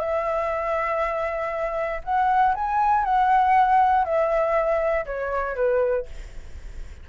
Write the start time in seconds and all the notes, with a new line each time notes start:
0.00 E5
2.04 F#5
2.55 G#5
3.04 F#5
4.05 E5
5.06 C#5
5.56 B4